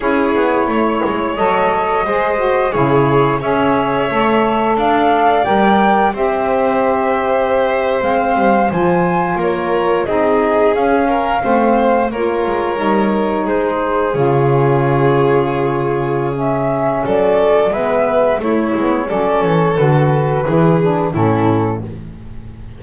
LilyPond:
<<
  \new Staff \with { instrumentName = "flute" } { \time 4/4 \tempo 4 = 88 cis''2 dis''2 | cis''4 e''2 f''4 | g''4 e''2~ e''8. f''16~ | f''8. gis''4 cis''4 dis''4 f''16~ |
f''4.~ f''16 cis''2 c''16~ | c''8. cis''2.~ cis''16 | e''4 d''4 e''4 cis''4 | d''8 cis''8 b'2 a'4 | }
  \new Staff \with { instrumentName = "violin" } { \time 4/4 gis'4 cis''2 c''4 | gis'4 cis''2 d''4~ | d''4 c''2.~ | c''4.~ c''16 ais'4 gis'4~ gis'16~ |
gis'16 ais'8 c''4 ais'2 gis'16~ | gis'1~ | gis'4 a'4 b'4 e'4 | a'2 gis'4 e'4 | }
  \new Staff \with { instrumentName = "saxophone" } { \time 4/4 e'2 a'4 gis'8 fis'8 | e'4 gis'4 a'2 | ais'4 g'2~ g'8. c'16~ | c'8. f'2 dis'4 cis'16~ |
cis'8. c'4 f'4 dis'4~ dis'16~ | dis'8. f'2.~ f'16 | cis'2 b4 a8 b8 | cis'4 fis'4 e'8 d'8 cis'4 | }
  \new Staff \with { instrumentName = "double bass" } { \time 4/4 cis'8 b8 a8 gis8 fis4 gis4 | cis4 cis'4 a4 d'4 | g4 c'2~ c'8. gis16~ | gis16 g8 f4 ais4 c'4 cis'16~ |
cis'8. a4 ais8 gis8 g4 gis16~ | gis8. cis2.~ cis16~ | cis4 fis4 gis4 a8 gis8 | fis8 e8 d4 e4 a,4 | }
>>